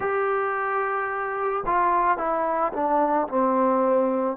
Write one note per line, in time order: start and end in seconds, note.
0.00 1.64 G4
1.66 2.17 F4
2.17 2.72 E4
2.73 3.27 D4
3.28 4.36 C4